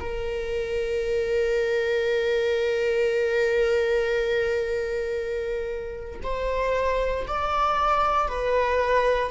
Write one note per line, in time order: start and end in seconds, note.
0.00 6.21 A#4
6.23 7.26 C5
7.27 8.29 D5
8.29 9.31 B4